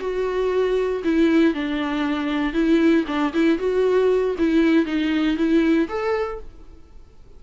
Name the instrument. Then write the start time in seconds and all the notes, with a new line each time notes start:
viola
0.00 F#4
1.04 E4
1.54 D4
2.54 E4
3.07 D4
3.34 E4
3.59 F#4
4.38 E4
4.86 D#4
5.37 E4
5.89 A4